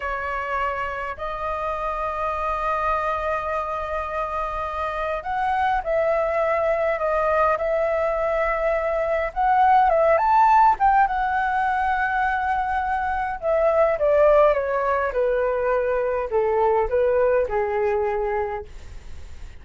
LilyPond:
\new Staff \with { instrumentName = "flute" } { \time 4/4 \tempo 4 = 103 cis''2 dis''2~ | dis''1~ | dis''4 fis''4 e''2 | dis''4 e''2. |
fis''4 e''8 a''4 g''8 fis''4~ | fis''2. e''4 | d''4 cis''4 b'2 | a'4 b'4 gis'2 | }